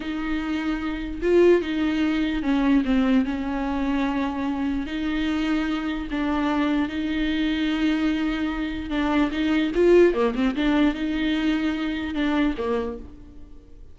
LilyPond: \new Staff \with { instrumentName = "viola" } { \time 4/4 \tempo 4 = 148 dis'2. f'4 | dis'2 cis'4 c'4 | cis'1 | dis'2. d'4~ |
d'4 dis'2.~ | dis'2 d'4 dis'4 | f'4 ais8 c'8 d'4 dis'4~ | dis'2 d'4 ais4 | }